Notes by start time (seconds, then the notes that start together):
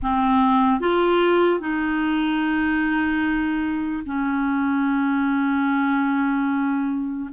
0.02 C4
0.80 F4
1.60 D#4
4.05 C#4